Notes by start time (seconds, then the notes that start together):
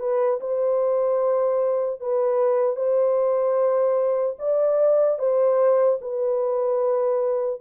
0.00 B4
0.41 C5
2.01 B4
2.76 C5
4.39 D5
5.19 C5
6.01 B4